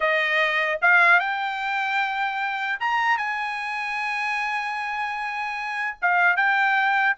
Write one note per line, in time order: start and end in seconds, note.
0.00 0.79 D#5
0.81 1.19 F5
1.19 2.79 G5
2.80 3.17 A#5
3.17 5.97 G#5
6.01 6.36 F5
6.36 7.16 G5